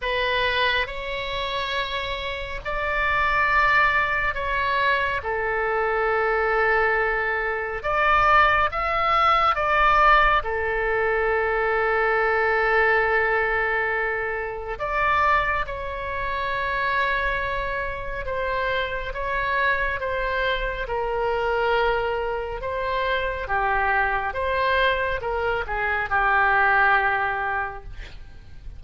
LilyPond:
\new Staff \with { instrumentName = "oboe" } { \time 4/4 \tempo 4 = 69 b'4 cis''2 d''4~ | d''4 cis''4 a'2~ | a'4 d''4 e''4 d''4 | a'1~ |
a'4 d''4 cis''2~ | cis''4 c''4 cis''4 c''4 | ais'2 c''4 g'4 | c''4 ais'8 gis'8 g'2 | }